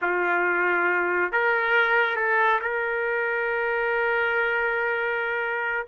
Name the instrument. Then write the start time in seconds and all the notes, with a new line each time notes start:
trumpet
0.01 F4
1.32 A#4
2.16 A4
2.61 A#4